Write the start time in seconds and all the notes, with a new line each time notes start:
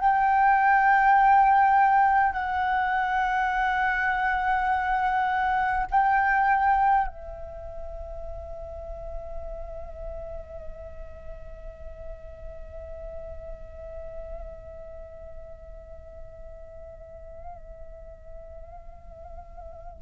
0.00 G5
2.34 F#5
5.91 G5
7.08 E5